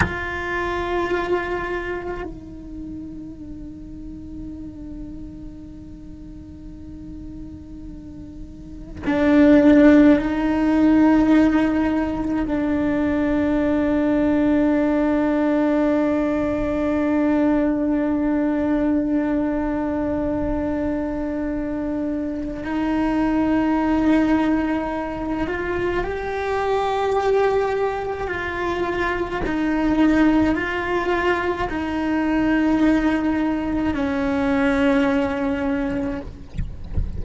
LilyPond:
\new Staff \with { instrumentName = "cello" } { \time 4/4 \tempo 4 = 53 f'2 dis'2~ | dis'1 | d'4 dis'2 d'4~ | d'1~ |
d'1 | dis'2~ dis'8 f'8 g'4~ | g'4 f'4 dis'4 f'4 | dis'2 cis'2 | }